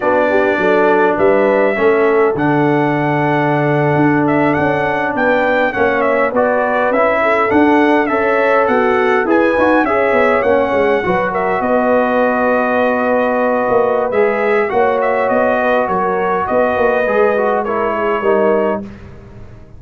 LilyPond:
<<
  \new Staff \with { instrumentName = "trumpet" } { \time 4/4 \tempo 4 = 102 d''2 e''2 | fis''2.~ fis''16 e''8 fis''16~ | fis''8. g''4 fis''8 e''8 d''4 e''16~ | e''8. fis''4 e''4 fis''4 gis''16~ |
gis''8. e''4 fis''4. e''8 dis''16~ | dis''1 | e''4 fis''8 e''8 dis''4 cis''4 | dis''2 cis''2 | }
  \new Staff \with { instrumentName = "horn" } { \time 4/4 fis'8 g'8 a'4 b'4 a'4~ | a'1~ | a'8. b'4 cis''4 b'4~ b'16~ | b'16 a'4. cis''4 fis'4 b'16~ |
b'8. cis''2 b'8 ais'8 b'16~ | b'1~ | b'4 cis''4. b'8 ais'4 | b'2 ais'8 gis'8 ais'4 | }
  \new Staff \with { instrumentName = "trombone" } { \time 4/4 d'2. cis'4 | d'1~ | d'4.~ d'16 cis'4 fis'4 e'16~ | e'8. d'4 a'2 gis'16~ |
gis'16 fis'8 gis'4 cis'4 fis'4~ fis'16~ | fis'1 | gis'4 fis'2.~ | fis'4 gis'8 fis'8 e'4 dis'4 | }
  \new Staff \with { instrumentName = "tuba" } { \time 4/4 b4 fis4 g4 a4 | d2~ d8. d'4 cis'16~ | cis'8. b4 ais4 b4 cis'16~ | cis'8. d'4 cis'4 b4 e'16~ |
e'16 dis'8 cis'8 b8 ais8 gis8 fis4 b16~ | b2.~ b16 ais8. | gis4 ais4 b4 fis4 | b8 ais8 gis2 g4 | }
>>